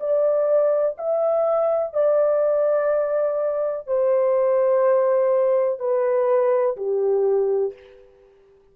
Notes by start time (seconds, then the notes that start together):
0.00 D5
0.98 E5
1.94 D5
3.87 C5
5.79 B4
6.77 G4